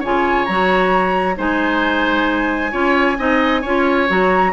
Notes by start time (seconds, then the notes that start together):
0.00 C#3 F4 C#5 G#5
0.46 F#3 F#4 A#5
1.36 G#3 D#4 C5 G#5
2.72 C#4 F4 C#5
3.18 C4 D#4 D#5
3.62 C#4 F4 C#5
4.09 F#3 F#4 A#5